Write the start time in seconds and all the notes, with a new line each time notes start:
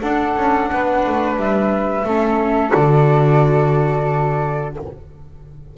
0.00 D4 A4 F#5
0.36 C#4
0.72 B3 B4
1.06 A3
1.36 G3 E5
2.04 A3 C#4 A4
2.69 D3 F#4 D5